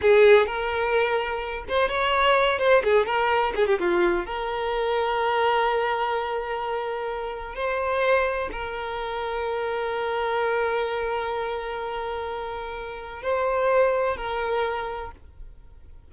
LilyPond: \new Staff \with { instrumentName = "violin" } { \time 4/4 \tempo 4 = 127 gis'4 ais'2~ ais'8 c''8 | cis''4. c''8 gis'8 ais'4 gis'16 g'16 | f'4 ais'2.~ | ais'1 |
c''2 ais'2~ | ais'1~ | ais'1 | c''2 ais'2 | }